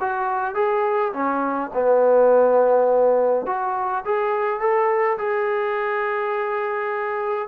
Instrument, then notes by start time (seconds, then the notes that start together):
trombone
0.00 F#4
0.55 G#4
1.13 C#4
1.74 B3
3.46 F#4
4.05 G#4
4.60 A4
5.18 G#4